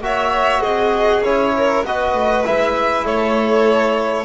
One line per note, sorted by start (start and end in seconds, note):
0.00 0.61 A#3
0.00 1.23 F#4
0.00 0.61 C#5
0.00 0.62 E5
0.61 1.22 C4
0.61 1.52 G#4
0.61 1.23 D#5
1.22 1.82 C#4
1.22 1.85 E4
1.22 1.84 C#5
1.56 1.86 A#4
1.84 2.14 B3
1.84 2.44 F#4
1.84 3.04 B4
1.84 2.45 D#5
2.14 2.44 A3
2.44 3.05 G#3
2.44 4.25 E4
2.44 3.06 E5
3.04 4.25 A3
3.04 4.25 A4
3.04 4.25 C#5